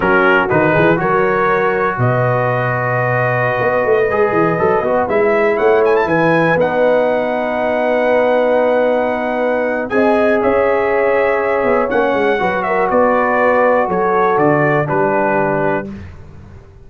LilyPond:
<<
  \new Staff \with { instrumentName = "trumpet" } { \time 4/4 \tempo 4 = 121 ais'4 b'4 cis''2 | dis''1~ | dis''2~ dis''16 e''4 fis''8 gis''16 | a''16 gis''4 fis''2~ fis''8.~ |
fis''1 | gis''4 e''2. | fis''4. e''8 d''2 | cis''4 d''4 b'2 | }
  \new Staff \with { instrumentName = "horn" } { \time 4/4 fis'4. gis'8 ais'2 | b'1~ | b'2.~ b'16 cis''8.~ | cis''16 b'2.~ b'8.~ |
b'1 | dis''4 cis''2.~ | cis''4 b'8 ais'8 b'2 | a'2 g'2 | }
  \new Staff \with { instrumentName = "trombone" } { \time 4/4 cis'4 dis'4 fis'2~ | fis'1~ | fis'16 gis'4 a'8 fis'8 e'4.~ e'16~ | e'4~ e'16 dis'2~ dis'8.~ |
dis'1 | gis'1 | cis'4 fis'2.~ | fis'2 d'2 | }
  \new Staff \with { instrumentName = "tuba" } { \time 4/4 fis4 dis8 e8 fis2 | b,2.~ b,16 b8 a16~ | a16 gis8 e8 fis8 b8 gis4 a8.~ | a16 e4 b2~ b8.~ |
b1 | c'4 cis'2~ cis'8 b8 | ais8 gis8 fis4 b2 | fis4 d4 g2 | }
>>